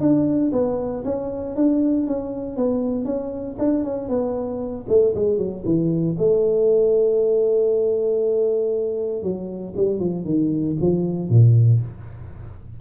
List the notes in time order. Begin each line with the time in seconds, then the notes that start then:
0.00 D4
0.52 B3
1.04 C#4
1.56 D4
2.07 C#4
2.56 B3
3.05 C#4
3.59 D4
3.84 C#4
4.09 B3
4.89 A3
5.15 G#3
5.38 F#3
5.65 E3
6.18 A3
9.23 F#3
9.76 G3
9.99 F3
10.25 D#3
10.80 F3
11.29 A#2